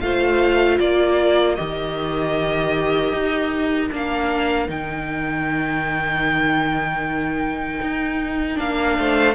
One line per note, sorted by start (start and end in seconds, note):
0.00 0.79 A3
0.00 1.56 F4
0.00 0.81 C5
0.00 0.78 F5
0.79 1.57 A#3
0.79 8.98 A#4
0.79 1.55 D5
1.55 3.12 D#3
1.55 3.90 G4
1.55 3.88 D#5
3.12 3.90 D#4
3.90 4.68 A#3
3.90 4.67 D4
3.90 4.70 F5
4.67 7.80 D#3
4.67 8.55 D#4
4.67 8.59 G5
7.81 8.59 D#4
8.55 8.98 A#3
8.55 9.33 D4
8.55 9.34 F5
8.98 9.34 A3
8.98 9.34 C5